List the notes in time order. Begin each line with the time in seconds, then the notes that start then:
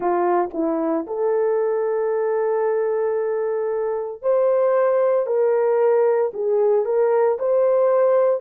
0.00 F4
0.53 E4
1.06 A4
4.22 C5
5.26 A#4
6.33 G#4
6.85 A#4
7.38 C5